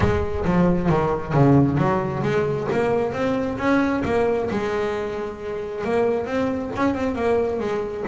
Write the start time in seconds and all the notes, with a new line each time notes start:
0.00 G#3
0.44 F3
0.89 D#3
1.33 C#3
1.77 F#3
2.23 G#3
2.72 A#3
3.12 C4
3.58 C#4
4.04 A#3
4.50 G#3
5.84 A#3
6.26 C4
6.76 C#4
6.94 C4
7.15 A#3
7.59 G#3